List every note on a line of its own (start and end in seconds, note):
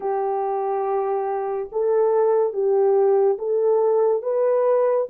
0.00 1.69 G4
1.71 2.53 A4
2.53 3.37 G4
3.38 4.22 A4
4.22 5.07 B4